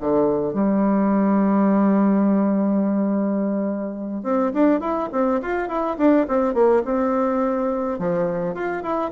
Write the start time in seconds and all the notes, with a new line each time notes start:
0.00 D3
0.53 G3
4.23 C4
4.53 D4
4.80 E4
5.11 C4
5.42 F4
5.68 E4
5.97 D4
6.28 C4
6.54 A#3
6.84 C4
7.99 F3
8.54 F4
8.82 E4